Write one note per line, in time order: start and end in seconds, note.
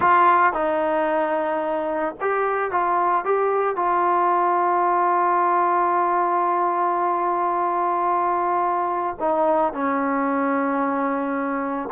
0.00 0.53 F4
0.53 2.15 D#4
2.20 2.71 G4
2.71 3.24 F4
3.24 3.76 G4
3.76 9.16 F4
9.19 9.73 D#4
9.73 11.89 C#4